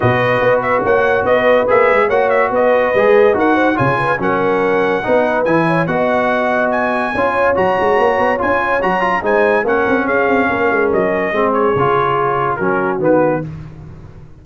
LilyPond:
<<
  \new Staff \with { instrumentName = "trumpet" } { \time 4/4 \tempo 4 = 143 dis''4. e''8 fis''4 dis''4 | e''4 fis''8 e''8 dis''2 | fis''4 gis''4 fis''2~ | fis''4 gis''4 fis''2 |
gis''2 ais''2 | gis''4 ais''4 gis''4 fis''4 | f''2 dis''4. cis''8~ | cis''2 ais'4 b'4 | }
  \new Staff \with { instrumentName = "horn" } { \time 4/4 b'2 cis''4 b'4~ | b'4 cis''4 b'2 | ais'8 c''8 cis''8 b'8 ais'2 | b'4. cis''8 dis''2~ |
dis''4 cis''2.~ | cis''2 c''4 ais'4 | gis'4 ais'2 gis'4~ | gis'2 fis'2 | }
  \new Staff \with { instrumentName = "trombone" } { \time 4/4 fis'1 | gis'4 fis'2 gis'4 | fis'4 f'4 cis'2 | dis'4 e'4 fis'2~ |
fis'4 f'4 fis'2 | f'4 fis'8 f'8 dis'4 cis'4~ | cis'2. c'4 | f'2 cis'4 b4 | }
  \new Staff \with { instrumentName = "tuba" } { \time 4/4 b,4 b4 ais4 b4 | ais8 gis8 ais4 b4 gis4 | dis'4 cis4 fis2 | b4 e4 b2~ |
b4 cis'4 fis8 gis8 ais8 b8 | cis'4 fis4 gis4 ais8 c'8 | cis'8 c'8 ais8 gis8 fis4 gis4 | cis2 fis4 dis4 | }
>>